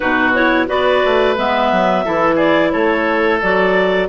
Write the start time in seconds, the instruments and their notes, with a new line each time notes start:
0.00 bassoon B2, clarinet D#4 B4, oboe F#4
0.33 clarinet E4 C#5
0.67 bassoon B3, clarinet F#4 D5, oboe B4
1.05 bassoon A3
1.37 bassoon G#3, clarinet B3 E5
1.71 bassoon F#3
2.05 bassoon E3, clarinet E4, oboe A4
2.35 oboe G#4, clarinet D5
2.71 bassoon A3, oboe A4, clarinet C#5
3.41 bassoon F#3, clarinet F#4 D5